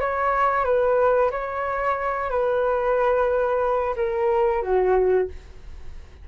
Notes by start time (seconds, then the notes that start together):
0.00 C#5
0.64 B4
1.31 C#5
2.30 B4
3.96 A#4
4.62 F#4